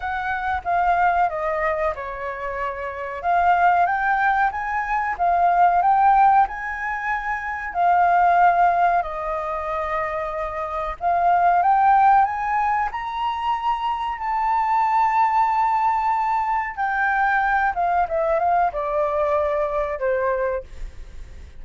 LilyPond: \new Staff \with { instrumentName = "flute" } { \time 4/4 \tempo 4 = 93 fis''4 f''4 dis''4 cis''4~ | cis''4 f''4 g''4 gis''4 | f''4 g''4 gis''2 | f''2 dis''2~ |
dis''4 f''4 g''4 gis''4 | ais''2 a''2~ | a''2 g''4. f''8 | e''8 f''8 d''2 c''4 | }